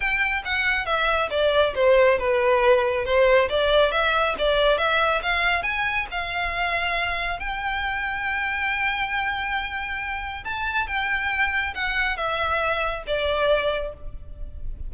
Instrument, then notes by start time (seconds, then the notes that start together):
violin
0.00 G5
0.45 F#5
0.85 E5
1.30 D5
1.75 C5
2.18 B4
3.05 C5
3.49 D5
3.91 E5
4.38 D5
4.78 E5
5.22 F5
5.63 G#5
6.11 F5
7.39 G5
10.44 A5
10.87 G5
11.74 F#5
12.16 E5
13.06 D5